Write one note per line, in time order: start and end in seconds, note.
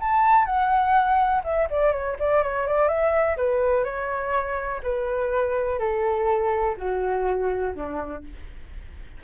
0.00 0.46 A5
0.46 1.43 F#5
1.44 1.68 E5
1.70 1.92 D5
1.92 2.17 C#5
2.20 2.43 D5
2.43 2.67 C#5
2.67 2.88 D5
2.88 3.37 E5
3.37 3.84 B4
3.84 4.81 C#5
4.83 5.79 B4
5.79 6.76 A4
6.78 7.74 F#4
7.75 8.24 D4